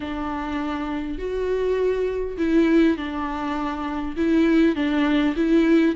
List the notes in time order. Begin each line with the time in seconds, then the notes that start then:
0.00 D4
1.18 F#4
2.37 E4
2.97 D4
4.16 E4
4.75 D4
5.36 E4